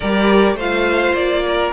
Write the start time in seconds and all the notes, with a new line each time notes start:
0.00 G3 G4 A#4 D5
0.54 A3 F4 C5 F5
1.13 A#3 D5
1.47 A#4